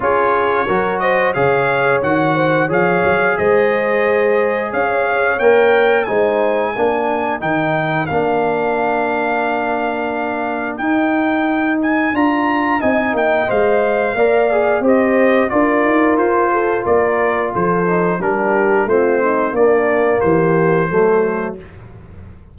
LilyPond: <<
  \new Staff \with { instrumentName = "trumpet" } { \time 4/4 \tempo 4 = 89 cis''4. dis''8 f''4 fis''4 | f''4 dis''2 f''4 | g''4 gis''2 g''4 | f''1 |
g''4. gis''8 ais''4 gis''8 g''8 | f''2 dis''4 d''4 | c''4 d''4 c''4 ais'4 | c''4 d''4 c''2 | }
  \new Staff \with { instrumentName = "horn" } { \time 4/4 gis'4 ais'8 c''8 cis''4. c''8 | cis''4 c''2 cis''4~ | cis''4 c''4 ais'2~ | ais'1~ |
ais'2. dis''4~ | dis''4 d''4 c''4 ais'4~ | ais'8 a'8 ais'4 a'4 g'4 | f'8 dis'8 d'4 g'4 a'4 | }
  \new Staff \with { instrumentName = "trombone" } { \time 4/4 f'4 fis'4 gis'4 fis'4 | gis'1 | ais'4 dis'4 d'4 dis'4 | d'1 |
dis'2 f'4 dis'4 | c''4 ais'8 gis'8 g'4 f'4~ | f'2~ f'8 dis'8 d'4 | c'4 ais2 a4 | }
  \new Staff \with { instrumentName = "tuba" } { \time 4/4 cis'4 fis4 cis4 dis4 | f8 fis8 gis2 cis'4 | ais4 gis4 ais4 dis4 | ais1 |
dis'2 d'4 c'8 ais8 | gis4 ais4 c'4 d'8 dis'8 | f'4 ais4 f4 g4 | a4 ais4 e4 fis4 | }
>>